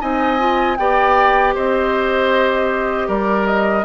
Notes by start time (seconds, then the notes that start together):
0.00 C4 D#4 D#5 G#5
0.39 F4
0.77 B3 G4 D5 G5
1.55 C4 C5 D#5
3.08 G3 A#4 D5
3.47 D#5